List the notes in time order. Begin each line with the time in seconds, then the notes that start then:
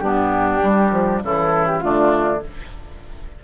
0.00 G2 B3 D4 G4
0.63 G3
0.91 F3
1.23 C#3 E3 E4 A4
1.66 G4
1.80 D3 A3 D4 F4